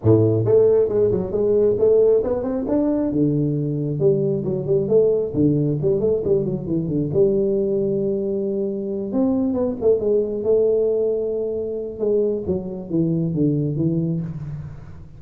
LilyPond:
\new Staff \with { instrumentName = "tuba" } { \time 4/4 \tempo 4 = 135 a,4 a4 gis8 fis8 gis4 | a4 b8 c'8 d'4 d4~ | d4 g4 fis8 g8 a4 | d4 g8 a8 g8 fis8 e8 d8 |
g1~ | g8 c'4 b8 a8 gis4 a8~ | a2. gis4 | fis4 e4 d4 e4 | }